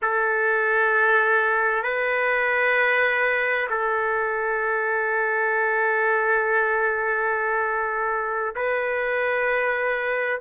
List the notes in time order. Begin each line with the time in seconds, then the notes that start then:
0.02 A4
1.83 B4
3.70 A4
8.55 B4